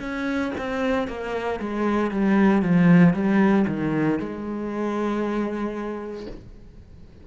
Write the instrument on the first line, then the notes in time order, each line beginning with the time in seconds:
cello
0.00 C#4
0.58 C4
1.08 A#3
1.59 G#3
2.11 G3
2.62 F3
3.14 G3
3.68 D#3
4.19 G#3